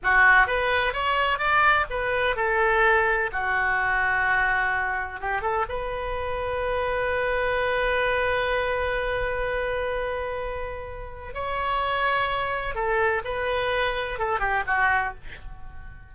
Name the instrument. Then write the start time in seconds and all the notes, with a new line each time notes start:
oboe
0.03 F#4
0.46 B4
0.93 C#5
1.38 D5
1.90 B4
2.35 A4
3.32 F#4
5.20 G4
5.41 A4
5.68 B4
11.33 C#5
12.74 A4
13.24 B4
14.18 A4
14.39 G4
14.66 F#4